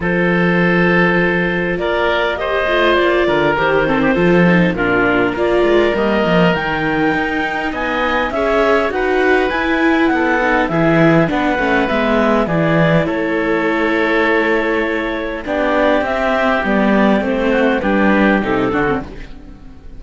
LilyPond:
<<
  \new Staff \with { instrumentName = "clarinet" } { \time 4/4 \tempo 4 = 101 c''2. d''4 | dis''4 d''4 c''2 | ais'4 d''4 dis''4 g''4~ | g''4 gis''4 e''4 fis''4 |
gis''4 fis''4 e''4 fis''4 | e''4 d''4 cis''2~ | cis''2 d''4 e''4 | d''4 c''4 b'4 a'4 | }
  \new Staff \with { instrumentName = "oboe" } { \time 4/4 a'2. ais'4 | c''4. ais'4 a'16 g'16 a'4 | f'4 ais'2.~ | ais'4 dis''4 cis''4 b'4~ |
b'4 a'4 gis'4 b'4~ | b'4 gis'4 a'2~ | a'2 g'2~ | g'4. fis'8 g'4. fis'8 | }
  \new Staff \with { instrumentName = "viola" } { \time 4/4 f'1 | g'8 f'4. g'8 c'8 f'8 dis'8 | d'4 f'4 ais4 dis'4~ | dis'2 gis'4 fis'4 |
e'4. dis'8 e'4 d'8 cis'8 | b4 e'2.~ | e'2 d'4 c'4 | b4 c'4 d'4 dis'8 d'16 c'16 | }
  \new Staff \with { instrumentName = "cello" } { \time 4/4 f2. ais4~ | ais8 a8 ais8 d8 dis4 f4 | ais,4 ais8 gis8 g8 f8 dis4 | dis'4 b4 cis'4 dis'4 |
e'4 b4 e4 b8 a8 | gis4 e4 a2~ | a2 b4 c'4 | g4 a4 g4 c8 d8 | }
>>